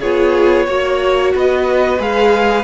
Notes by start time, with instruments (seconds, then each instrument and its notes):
0.00 cello B3, viola F4, violin G#4 C#5
0.66 cello A#3, viola F#4, violin C#5
1.35 cello B3, violin B4 D#5
1.99 cello G#3, viola G#4, violin F5